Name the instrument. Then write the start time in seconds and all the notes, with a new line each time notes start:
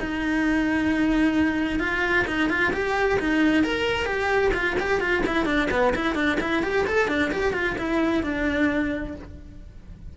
cello
0.00 D#4
1.80 F4
2.27 D#4
2.49 F4
2.73 G4
3.20 D#4
3.63 A#4
4.06 G4
4.54 F4
4.79 G4
5.00 F4
5.26 E4
5.45 D4
5.71 B3
5.95 E4
6.15 D4
6.40 E4
6.62 G4
6.87 A4
7.08 D4
7.32 G4
7.53 F4
7.78 E4
8.23 D4